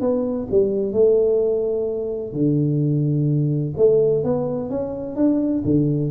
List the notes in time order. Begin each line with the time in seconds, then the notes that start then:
0.00 B3
0.50 G3
0.92 A3
2.33 D3
3.77 A3
4.23 B3
4.69 C#4
5.15 D4
5.64 D3